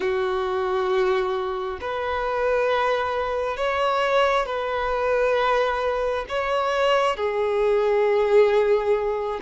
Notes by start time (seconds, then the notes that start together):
0.00 F#4
1.80 B4
3.56 C#5
4.45 B4
6.28 C#5
7.16 G#4